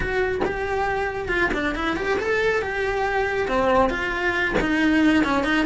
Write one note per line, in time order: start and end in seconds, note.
0.00 0.41 F#4
0.44 1.28 G4
1.28 1.50 F4
1.53 1.75 D4
1.75 1.96 E4
1.96 2.18 G4
2.19 2.62 A4
2.62 3.48 G4
3.48 3.89 C4
3.89 4.55 F4
4.60 5.24 D#4
5.24 5.44 C#4
5.44 5.65 D#4